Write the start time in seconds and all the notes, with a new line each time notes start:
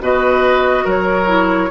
0.00 B2 F#4 B4 D#5
0.85 F#3 A#4 C#5
1.27 E4